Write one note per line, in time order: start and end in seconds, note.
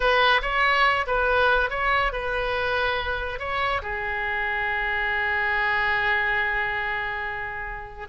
0.00 0.41 B4
0.42 1.05 C#5
1.06 1.69 B4
1.69 2.12 C#5
2.12 3.39 B4
3.39 3.81 C#5
3.82 8.07 G#4